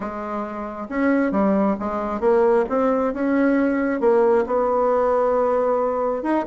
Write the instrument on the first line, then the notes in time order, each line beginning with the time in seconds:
bassoon
0.00 G#3
0.89 C#4
1.31 G3
1.79 G#3
2.20 A#3
2.69 C4
3.13 C#4
4.00 A#3
4.46 B3
6.23 D#4